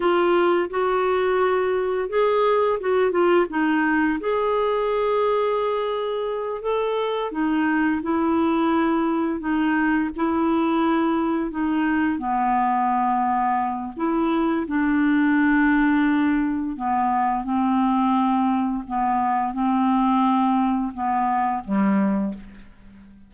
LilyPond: \new Staff \with { instrumentName = "clarinet" } { \time 4/4 \tempo 4 = 86 f'4 fis'2 gis'4 | fis'8 f'8 dis'4 gis'2~ | gis'4. a'4 dis'4 e'8~ | e'4. dis'4 e'4.~ |
e'8 dis'4 b2~ b8 | e'4 d'2. | b4 c'2 b4 | c'2 b4 g4 | }